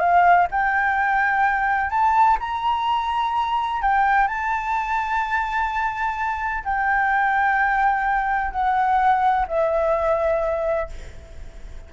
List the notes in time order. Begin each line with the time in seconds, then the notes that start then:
0.00 F5
0.51 G5
1.90 A5
2.40 A#5
3.82 G5
4.27 A5
6.64 G5
8.51 F#5
9.48 E5